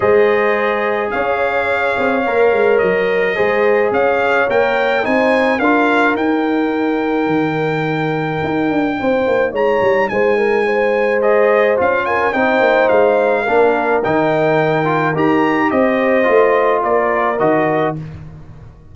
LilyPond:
<<
  \new Staff \with { instrumentName = "trumpet" } { \time 4/4 \tempo 4 = 107 dis''2 f''2~ | f''4 dis''2 f''4 | g''4 gis''4 f''4 g''4~ | g''1~ |
g''4 ais''4 gis''2 | dis''4 f''8 gis''8 g''4 f''4~ | f''4 g''2 ais''4 | dis''2 d''4 dis''4 | }
  \new Staff \with { instrumentName = "horn" } { \time 4/4 c''2 cis''2~ | cis''2 c''4 cis''4~ | cis''4 c''4 ais'2~ | ais'1 |
c''4 cis''4 c''8 ais'8 c''4~ | c''4. ais'8 c''2 | ais'1 | c''2 ais'2 | }
  \new Staff \with { instrumentName = "trombone" } { \time 4/4 gis'1 | ais'2 gis'2 | ais'4 dis'4 f'4 dis'4~ | dis'1~ |
dis'1 | gis'4 f'4 dis'2 | d'4 dis'4. f'8 g'4~ | g'4 f'2 fis'4 | }
  \new Staff \with { instrumentName = "tuba" } { \time 4/4 gis2 cis'4. c'8 | ais8 gis8 fis4 gis4 cis'4 | ais4 c'4 d'4 dis'4~ | dis'4 dis2 dis'8 d'8 |
c'8 ais8 gis8 g8 gis2~ | gis4 cis'4 c'8 ais8 gis4 | ais4 dis2 dis'4 | c'4 a4 ais4 dis4 | }
>>